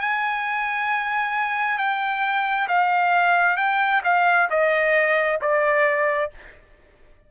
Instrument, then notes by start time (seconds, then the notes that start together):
trumpet
0.00 G#5
1.77 G5
2.67 F5
3.57 G5
4.03 F5
4.49 D#5
5.41 D5